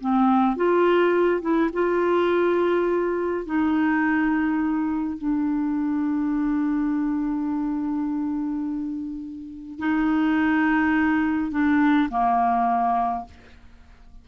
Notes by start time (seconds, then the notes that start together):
0.00 C4
0.56 F4
1.41 E4
1.73 F4
3.46 D#4
5.17 D4
9.79 D#4
11.51 D4
12.09 A#3